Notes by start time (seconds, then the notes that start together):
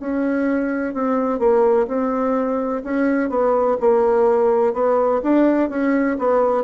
0.00 C#4
0.94 C4
1.39 A#3
1.87 C4
2.84 C#4
3.29 B3
3.81 A#3
4.74 B3
5.23 D4
5.70 C#4
6.19 B3